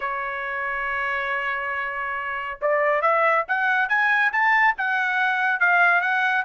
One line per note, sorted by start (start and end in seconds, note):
0.00 2.59 C#5
2.61 3.01 D5
3.01 3.44 E5
3.48 3.88 F#5
3.88 4.32 G#5
4.32 4.75 A5
4.77 5.60 F#5
5.60 6.01 F5
6.01 6.44 F#5